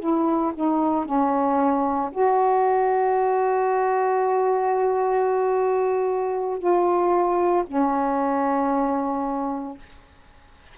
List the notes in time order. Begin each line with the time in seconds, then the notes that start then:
0.00 E4
0.55 D#4
1.05 C#4
2.12 F#4
6.59 F4
7.67 C#4